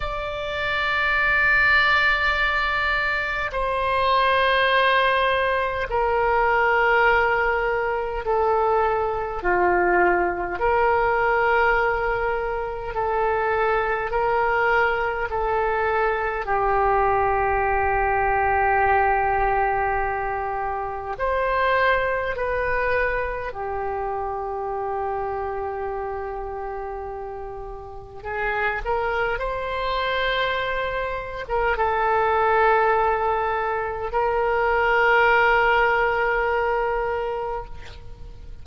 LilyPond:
\new Staff \with { instrumentName = "oboe" } { \time 4/4 \tempo 4 = 51 d''2. c''4~ | c''4 ais'2 a'4 | f'4 ais'2 a'4 | ais'4 a'4 g'2~ |
g'2 c''4 b'4 | g'1 | gis'8 ais'8 c''4.~ c''16 ais'16 a'4~ | a'4 ais'2. | }